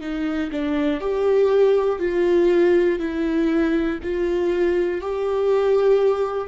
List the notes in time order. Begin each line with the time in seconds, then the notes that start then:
0.00 D#4
0.51 D4
1.00 G4
1.99 F4
2.99 E4
4.03 F4
5.01 G4